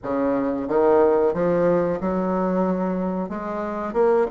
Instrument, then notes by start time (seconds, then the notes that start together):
bassoon
0.03 C#3
0.67 D#3
1.33 F3
2.00 F#3
3.29 G#3
3.93 A#3